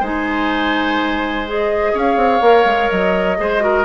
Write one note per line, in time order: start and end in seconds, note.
0.00 1.93 G#3
0.00 1.46 D#4
0.00 1.92 C5
0.00 1.48 G#5
1.46 2.42 G#4
1.46 1.97 D#5
1.93 2.16 C#4
1.93 3.37 C#5
1.93 2.91 F5
2.16 2.40 C4
2.41 2.65 A#3
2.41 3.37 A#4
2.65 2.89 G#3
2.91 3.39 F#3
2.91 3.85 D#5
3.37 3.85 G#3
3.37 3.60 G#4
3.37 3.63 C5
3.60 3.84 F#4
3.60 3.85 A#4